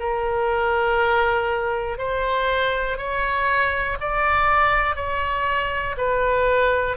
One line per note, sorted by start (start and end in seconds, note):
0.00 1.99 A#4
1.99 2.98 C5
2.98 3.98 C#5
4.00 4.96 D5
4.96 5.96 C#5
5.97 6.97 B4